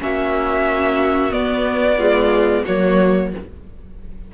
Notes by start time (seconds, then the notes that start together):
0.00 A#3 C#4 F#4 E5
1.31 B3 D5
1.97 G#3 F4
2.65 F#3 A#3 F#4 C#5